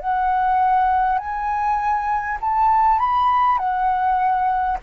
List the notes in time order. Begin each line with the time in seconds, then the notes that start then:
0.00 F#5
1.18 G#5
2.41 A5
2.99 B5
3.58 F#5